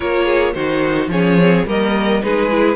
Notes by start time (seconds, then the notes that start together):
0.00 A#3 F4 A#4 C#5
0.25 G#4
0.53 D#3 D#4 F#4 C5
1.08 F3 C#4 G#4 C#5
1.41 C4
1.66 G3 A#3 A#4 D#5
2.22 G#3 D#4 G#4 B4
2.50 E4